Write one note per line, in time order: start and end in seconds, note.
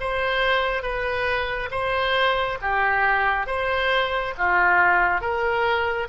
0.00 0.83 C5
0.83 1.70 B4
1.71 2.58 C5
2.62 3.47 G4
3.47 4.34 C5
4.38 5.21 F4
5.21 6.08 A#4